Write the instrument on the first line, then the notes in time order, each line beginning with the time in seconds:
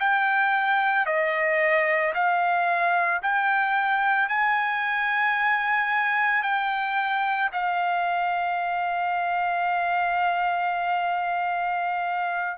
trumpet
0.00 G5
1.07 D#5
2.15 F5
3.23 G5
4.30 G#5
6.43 G5
7.53 F5